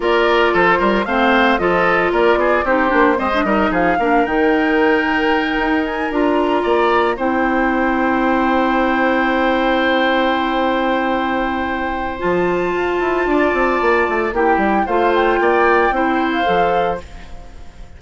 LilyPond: <<
  \new Staff \with { instrumentName = "flute" } { \time 4/4 \tempo 4 = 113 d''4 c''4 f''4 dis''4 | d''4 c''4 dis''4 f''4 | g''2. gis''8 ais''8~ | ais''4. g''2~ g''8~ |
g''1~ | g''2. a''4~ | a''2. g''4 | f''8 g''2~ g''16 f''4~ f''16 | }
  \new Staff \with { instrumentName = "oboe" } { \time 4/4 ais'4 a'8 ais'8 c''4 a'4 | ais'8 gis'8 g'4 c''8 ais'8 gis'8 ais'8~ | ais'1~ | ais'8 d''4 c''2~ c''8~ |
c''1~ | c''1~ | c''4 d''2 g'4 | c''4 d''4 c''2 | }
  \new Staff \with { instrumentName = "clarinet" } { \time 4/4 f'2 c'4 f'4~ | f'4 dis'8 d'8 c'16 d'16 dis'4 d'8 | dis'2.~ dis'8 f'8~ | f'4. e'2~ e'8~ |
e'1~ | e'2. f'4~ | f'2. e'4 | f'2 e'4 a'4 | }
  \new Staff \with { instrumentName = "bassoon" } { \time 4/4 ais4 f8 g8 a4 f4 | ais8 b8 c'8 ais8 gis8 g8 f8 ais8 | dis2~ dis8 dis'4 d'8~ | d'8 ais4 c'2~ c'8~ |
c'1~ | c'2. f4 | f'8 e'8 d'8 c'8 ais8 a8 ais8 g8 | a4 ais4 c'4 f4 | }
>>